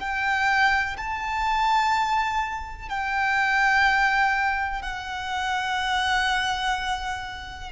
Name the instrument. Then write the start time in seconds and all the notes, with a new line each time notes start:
violin
0.00 G5
0.98 A5
2.89 G5
4.82 F#5